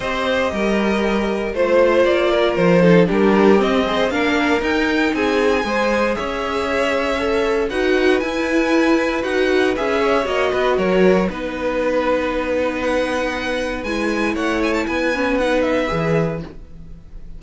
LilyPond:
<<
  \new Staff \with { instrumentName = "violin" } { \time 4/4 \tempo 4 = 117 dis''2. c''4 | d''4 c''4 ais'4 dis''4 | f''4 g''4 gis''2 | e''2. fis''4 |
gis''2 fis''4 e''4 | dis''4 cis''4 b'2~ | b'4 fis''2 gis''4 | fis''8 gis''16 a''16 gis''4 fis''8 e''4. | }
  \new Staff \with { instrumentName = "violin" } { \time 4/4 c''4 ais'2 c''4~ | c''8 ais'4 a'8 g'4. c''8 | ais'2 gis'4 c''4 | cis''2. b'4~ |
b'2.~ b'8 cis''8~ | cis''8 b'8 ais'4 b'2~ | b'1 | cis''4 b'2. | }
  \new Staff \with { instrumentName = "viola" } { \time 4/4 g'2. f'4~ | f'4. dis'8 d'4 c'8 gis'8 | d'4 dis'2 gis'4~ | gis'2 a'4 fis'4 |
e'2 fis'4 gis'4 | fis'2 dis'2~ | dis'2. e'4~ | e'4. cis'8 dis'4 gis'4 | }
  \new Staff \with { instrumentName = "cello" } { \time 4/4 c'4 g2 a4 | ais4 f4 g4 c'4 | ais4 dis'4 c'4 gis4 | cis'2. dis'4 |
e'2 dis'4 cis'4 | ais8 b8 fis4 b2~ | b2. gis4 | a4 b2 e4 | }
>>